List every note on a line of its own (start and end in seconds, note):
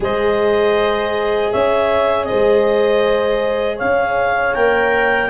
0.00 1.51 G#3
0.00 4.54 G#4
0.00 1.52 C5
0.00 1.52 D#5
1.52 2.30 C#4
1.52 2.28 C#5
1.52 2.24 E5
2.24 3.76 C5
2.24 3.76 D#5
2.31 3.81 G#3
3.76 4.55 C#4
3.76 5.28 C#5
3.76 4.54 F5
4.54 5.29 A#3
4.54 5.29 A#4
4.54 5.29 G5